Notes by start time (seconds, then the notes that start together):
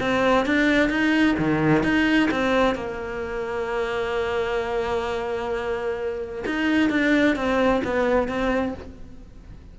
0.00 C4
0.46 D4
0.89 D#4
1.38 D#3
1.83 D#4
2.31 C4
2.75 A#3
6.46 D#4
6.90 D4
7.36 C4
7.84 B3
8.28 C4